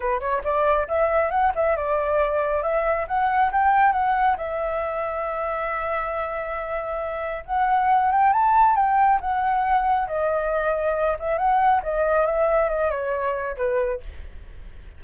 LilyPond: \new Staff \with { instrumentName = "flute" } { \time 4/4 \tempo 4 = 137 b'8 cis''8 d''4 e''4 fis''8 e''8 | d''2 e''4 fis''4 | g''4 fis''4 e''2~ | e''1~ |
e''4 fis''4. g''8 a''4 | g''4 fis''2 dis''4~ | dis''4. e''8 fis''4 dis''4 | e''4 dis''8 cis''4. b'4 | }